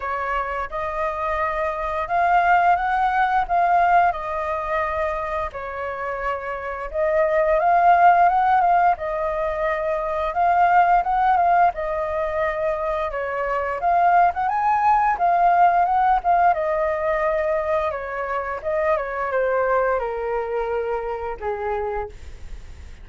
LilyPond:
\new Staff \with { instrumentName = "flute" } { \time 4/4 \tempo 4 = 87 cis''4 dis''2 f''4 | fis''4 f''4 dis''2 | cis''2 dis''4 f''4 | fis''8 f''8 dis''2 f''4 |
fis''8 f''8 dis''2 cis''4 | f''8. fis''16 gis''4 f''4 fis''8 f''8 | dis''2 cis''4 dis''8 cis''8 | c''4 ais'2 gis'4 | }